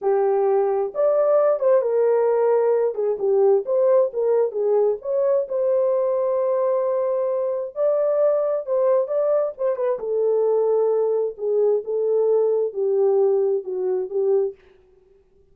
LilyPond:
\new Staff \with { instrumentName = "horn" } { \time 4/4 \tempo 4 = 132 g'2 d''4. c''8 | ais'2~ ais'8 gis'8 g'4 | c''4 ais'4 gis'4 cis''4 | c''1~ |
c''4 d''2 c''4 | d''4 c''8 b'8 a'2~ | a'4 gis'4 a'2 | g'2 fis'4 g'4 | }